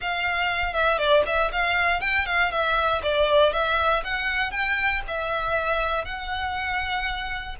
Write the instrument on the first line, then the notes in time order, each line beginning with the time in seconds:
violin
0.01 F5
0.73 E5
0.98 D5
1.25 E5
1.52 F5
2.01 G5
2.26 F5
2.51 E5
3.03 D5
3.52 E5
4.04 F#5
4.51 G5
5.07 E5
6.05 F#5